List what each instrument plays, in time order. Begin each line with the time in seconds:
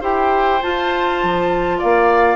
0.00 bassoon E4, clarinet G4, oboe C5, flute G5
0.61 clarinet F4, bassoon F4, flute A5
1.23 bassoon F3
1.78 bassoon A#3, oboe D5, flute F5